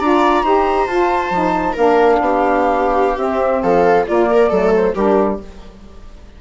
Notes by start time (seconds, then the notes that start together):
0.00 D4 F4 D5 A#5
0.44 D#4 G4 C5
0.87 F4 A5
1.30 F3 D#4
1.73 A#3 D4 A#4 F5
2.20 B3 G4
3.18 C4 E5
3.63 F3 A4 F5
4.07 A#3 F4 D5
4.31 A#4
4.50 F#3 A3 A4
4.76 C5
4.95 G3 D4 G4 A#4